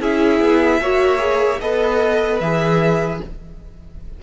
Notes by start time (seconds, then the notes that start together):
0.00 C#4 E4 G#4 E5
0.40 B3
0.80 A#3 F#4 C#5
1.18 G#4
1.60 B3 A4 B4 D#5
2.40 E3 G#4 E5